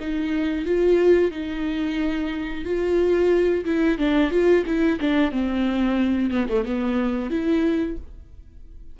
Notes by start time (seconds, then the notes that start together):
0.00 D#4
0.65 F4
1.31 D#4
2.65 F4
3.65 E4
3.98 D4
4.31 F4
4.66 E4
5.00 D4
5.32 C4
6.31 B3
6.49 A3
6.65 B3
7.31 E4